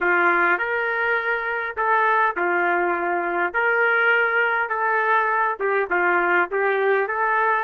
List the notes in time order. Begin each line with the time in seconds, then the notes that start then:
0.00 F4
0.58 A#4
1.76 A4
2.36 F4
3.53 A#4
4.69 A4
5.59 G4
5.90 F4
6.51 G4
7.07 A4